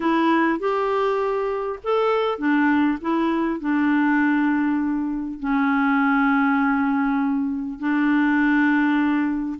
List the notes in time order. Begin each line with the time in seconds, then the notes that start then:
0.00 E4
0.59 G4
1.83 A4
2.38 D4
3.01 E4
3.59 D4
5.39 C#4
7.79 D4